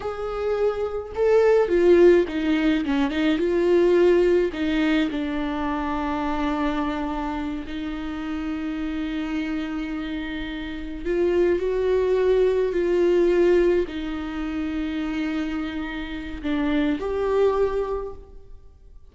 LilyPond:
\new Staff \with { instrumentName = "viola" } { \time 4/4 \tempo 4 = 106 gis'2 a'4 f'4 | dis'4 cis'8 dis'8 f'2 | dis'4 d'2.~ | d'4. dis'2~ dis'8~ |
dis'2.~ dis'8 f'8~ | f'8 fis'2 f'4.~ | f'8 dis'2.~ dis'8~ | dis'4 d'4 g'2 | }